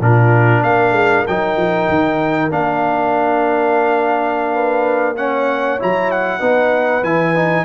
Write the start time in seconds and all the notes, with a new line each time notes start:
0.00 A#2 D4 F4 A#4
0.63 A#3 A#4 F5
0.91 G#3
1.26 F#3 D#4 G5
1.56 F3
1.88 D#3
2.50 A#3 D4 F5
4.53 B4
5.16 C#4 C#5 F#5
5.79 F#3 E4 A#5
6.11 F#5
6.39 B3 D#4 B4
7.02 E3 E4 G#5
7.35 D#4